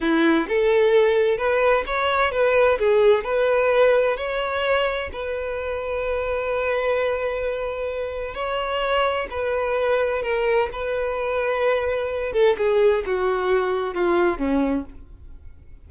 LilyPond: \new Staff \with { instrumentName = "violin" } { \time 4/4 \tempo 4 = 129 e'4 a'2 b'4 | cis''4 b'4 gis'4 b'4~ | b'4 cis''2 b'4~ | b'1~ |
b'2 cis''2 | b'2 ais'4 b'4~ | b'2~ b'8 a'8 gis'4 | fis'2 f'4 cis'4 | }